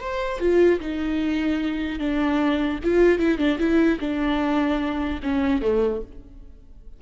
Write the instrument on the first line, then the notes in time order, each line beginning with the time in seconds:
viola
0.00 C5
0.40 F4
0.80 D#4
1.99 D4
2.83 F4
3.19 E4
3.38 D4
3.59 E4
4.00 D4
5.23 C#4
5.62 A3